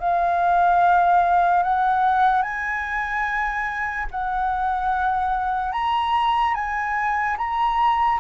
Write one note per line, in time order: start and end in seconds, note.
0.00 1.63 F5
1.63 2.42 F#5
2.42 4.07 G#5
4.11 5.72 F#5
5.72 6.55 A#5
6.55 7.37 G#5
7.38 8.20 A#5